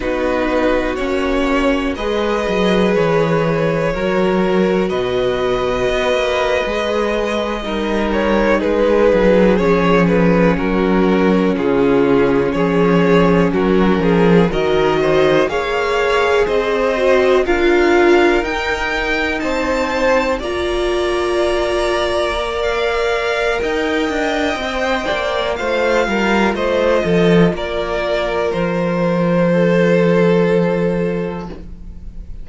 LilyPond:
<<
  \new Staff \with { instrumentName = "violin" } { \time 4/4 \tempo 4 = 61 b'4 cis''4 dis''4 cis''4~ | cis''4 dis''2.~ | dis''16 cis''8 b'4 cis''8 b'8 ais'4 gis'16~ | gis'8. cis''4 ais'4 dis''4 f''16~ |
f''8. dis''4 f''4 g''4 a''16~ | a''8. ais''2~ ais''16 f''4 | g''2 f''4 dis''4 | d''4 c''2. | }
  \new Staff \with { instrumentName = "violin" } { \time 4/4 fis'2 b'2 | ais'4 b'2~ b'8. ais'16~ | ais'8. gis'2 fis'4 f'16~ | f'8. gis'4 fis'8 gis'8 ais'8 c''8 cis''16~ |
cis''8. c''4 ais'2 c''16~ | c''8. d''2.~ d''16 | dis''4. d''8 c''8 ais'8 c''8 a'8 | ais'2 a'2 | }
  \new Staff \with { instrumentName = "viola" } { \time 4/4 dis'4 cis'4 gis'2 | fis'2~ fis'8. gis'4 dis'16~ | dis'4.~ dis'16 cis'2~ cis'16~ | cis'2~ cis'8. fis'4 gis'16~ |
gis'4~ gis'16 fis'8 f'4 dis'4~ dis'16~ | dis'8. f'2 ais'4~ ais'16~ | ais'4 c''4 f'2~ | f'1 | }
  \new Staff \with { instrumentName = "cello" } { \time 4/4 b4 ais4 gis8 fis8 e4 | fis4 b,4 b16 ais8 gis4 g16~ | g8. gis8 fis8 f4 fis4 cis16~ | cis8. f4 fis8 f8 dis4 ais16~ |
ais8. c'4 d'4 dis'4 c'16~ | c'8. ais2.~ ais16 | dis'8 d'8 c'8 ais8 a8 g8 a8 f8 | ais4 f2. | }
>>